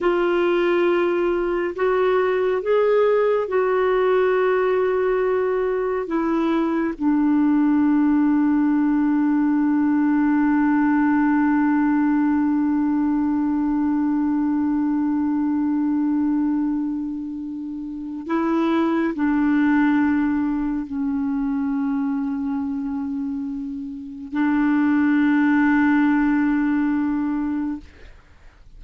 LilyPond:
\new Staff \with { instrumentName = "clarinet" } { \time 4/4 \tempo 4 = 69 f'2 fis'4 gis'4 | fis'2. e'4 | d'1~ | d'1~ |
d'1~ | d'4 e'4 d'2 | cis'1 | d'1 | }